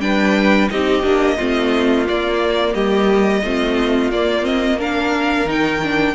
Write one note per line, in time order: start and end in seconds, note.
0.00 0.68 G3
0.00 0.69 D4
0.00 0.71 B4
0.00 0.68 G5
0.70 1.03 C4
0.70 1.02 D#4
0.70 1.36 G4
0.70 2.06 D#5
1.02 1.37 A#3
1.02 1.36 D4
1.36 2.08 A3
1.36 2.05 C4
1.36 2.73 F4
2.05 3.42 A#3
2.05 2.74 A#3
2.05 2.74 D5
2.74 3.42 G3
2.74 3.42 G4
2.74 4.11 D#5
3.43 4.10 A3
3.43 4.13 C4
3.43 4.78 F4
4.10 5.44 A#3
4.10 4.42 A#3
4.10 4.45 D5
4.42 4.76 C4
4.42 4.79 D#5
4.78 5.46 D4
4.78 6.14 A#4
4.78 5.49 F5
5.44 6.12 D#3
5.44 5.80 D#4
5.44 6.14 G5
5.83 6.14 D4